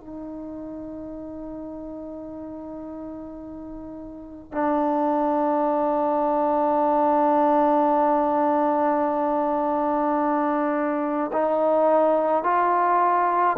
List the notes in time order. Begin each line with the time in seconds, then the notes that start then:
0.00 D#4
4.52 D4
11.32 D#4
12.43 F4